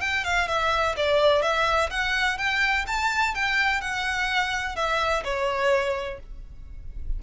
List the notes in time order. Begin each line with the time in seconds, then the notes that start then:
0.00 G5
0.24 F5
0.47 E5
0.96 D5
1.42 E5
1.90 F#5
2.38 G5
2.87 A5
3.34 G5
3.81 F#5
4.76 E5
5.24 C#5